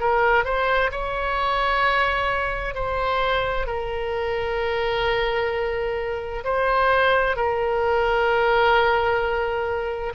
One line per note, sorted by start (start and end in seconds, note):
0.00 0.45 A#4
0.45 0.91 C5
0.92 2.75 C#5
2.75 3.67 C5
3.67 6.44 A#4
6.44 7.36 C5
7.36 10.13 A#4